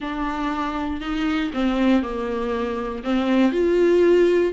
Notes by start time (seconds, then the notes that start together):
0.00 D4
1.00 D#4
1.53 C4
2.02 A#3
3.03 C4
3.52 F4